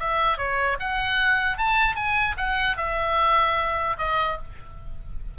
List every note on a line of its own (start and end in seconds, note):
0.00 0.38 E5
0.38 0.78 C#5
0.80 1.58 F#5
1.58 1.96 A5
1.96 2.36 G#5
2.38 2.77 F#5
2.77 3.97 E5
3.98 4.38 D#5